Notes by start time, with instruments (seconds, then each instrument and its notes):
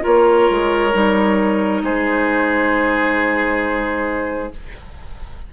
0.00 bassoon A#3, clarinet F4, oboe A#4, flute C#5
0.49 bassoon G#3
0.92 bassoon G3, clarinet D#4
1.82 bassoon G#3, oboe G#4, flute C5